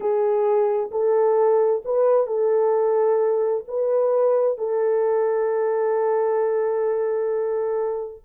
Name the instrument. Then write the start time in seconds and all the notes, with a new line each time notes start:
horn
0.00 G#4
0.91 A4
1.84 B4
2.26 A4
3.67 B4
4.58 A4